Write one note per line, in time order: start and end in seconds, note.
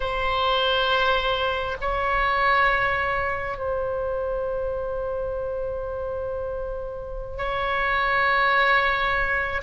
0.00 1.77 C5
1.80 3.57 C#5
3.57 7.37 C5
7.37 9.61 C#5